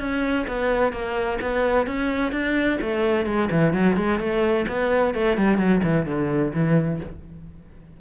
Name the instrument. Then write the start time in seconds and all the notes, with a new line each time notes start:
cello
0.00 C#4
0.48 B3
0.93 A#3
1.42 B3
1.87 C#4
2.33 D4
2.82 A3
3.26 G#3
3.51 E3
3.74 F#3
3.97 G#3
4.20 A3
4.68 B3
5.15 A3
5.37 G3
5.58 F#3
5.84 E3
6.06 D3
6.54 E3